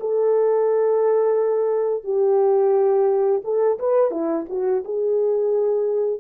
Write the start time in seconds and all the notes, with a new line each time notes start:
0.00 A4
2.04 G4
3.44 A4
3.79 B4
4.11 E4
4.49 F#4
4.84 G#4